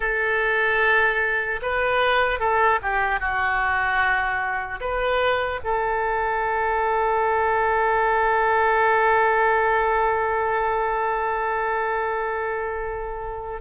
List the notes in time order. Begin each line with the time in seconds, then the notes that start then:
0.00 A4
1.61 B4
2.39 A4
2.81 G4
3.20 F#4
4.80 B4
5.64 A4